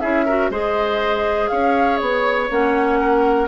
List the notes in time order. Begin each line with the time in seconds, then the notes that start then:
0.00 C#4 E4 G#4 E5
0.25 F#4 A#4
0.50 G#3 G#4 C5 D#5
1.48 C#4 C#5 F5
1.97 B3 C#5
2.50 A#3 C#4 F#5
3.00 A#4